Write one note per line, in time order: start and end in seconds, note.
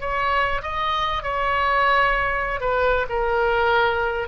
0.00 0.61 C#5
0.62 1.23 D#5
1.23 2.60 C#5
2.60 3.06 B4
3.09 4.28 A#4